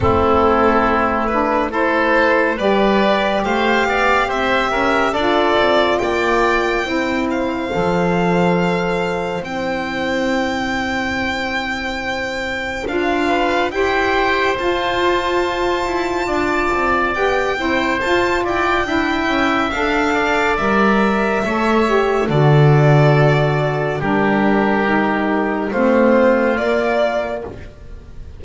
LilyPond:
<<
  \new Staff \with { instrumentName = "violin" } { \time 4/4 \tempo 4 = 70 a'4. b'8 c''4 d''4 | f''4 e''4 d''4 g''4~ | g''8 f''2~ f''8 g''4~ | g''2. f''4 |
g''4 a''2. | g''4 a''8 g''4. f''4 | e''2 d''2 | ais'2 c''4 d''4 | }
  \new Staff \with { instrumentName = "oboe" } { \time 4/4 e'2 a'4 b'4 | c''8 d''8 c''8 ais'8 a'4 d''4 | c''1~ | c''2.~ c''8 b'8 |
c''2. d''4~ | d''8 c''4 d''8 e''4. d''8~ | d''4 cis''4 a'2 | g'2 f'2 | }
  \new Staff \with { instrumentName = "saxophone" } { \time 4/4 c'4. d'8 e'4 g'4~ | g'2 f'2 | e'4 a'2 e'4~ | e'2. f'4 |
g'4 f'2. | g'8 e'8 f'4 e'4 a'4 | ais'4 a'8 g'8 fis'2 | d'4 dis'4 c'4 ais4 | }
  \new Staff \with { instrumentName = "double bass" } { \time 4/4 a2. g4 | a8 b8 c'8 cis'8 d'8 c'8 ais4 | c'4 f2 c'4~ | c'2. d'4 |
e'4 f'4. e'8 d'8 c'8 | b8 c'8 f'8 e'8 d'8 cis'8 d'4 | g4 a4 d2 | g2 a4 ais4 | }
>>